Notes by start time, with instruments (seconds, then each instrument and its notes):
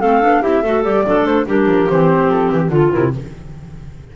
0.00 double bass A3, clarinet C4 A4, flute F5
0.21 double bass B3, clarinet D4
0.42 double bass C4, clarinet E4 G4, flute E5
0.62 double bass A3, clarinet F#4 A4
0.83 double bass G3, clarinet G4, flute D5
1.06 double bass F#3, clarinet D4 A4
1.24 double bass A3, flute C5
1.47 double bass G3, clarinet D4 G4, flute A#4
1.66 double bass F3
1.90 double bass E3, clarinet C4, flute C5
2.28 double bass F3, flute A4
2.50 double bass E3, flute G4
2.69 double bass D3, clarinet F4, flute A4
2.91 double bass C3, clarinet E4, flute A#4